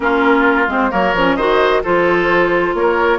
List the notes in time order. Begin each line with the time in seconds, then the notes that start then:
0.00 A#3 C#4 F4 A#4
0.67 G#3 C4 C5
0.90 F#3 A#3 A#4 C#5
1.14 F3 C#4
1.36 D#3 F#4 C5 D#5
1.83 F3 F4 A4 C5
2.74 A#3 A#4 C#5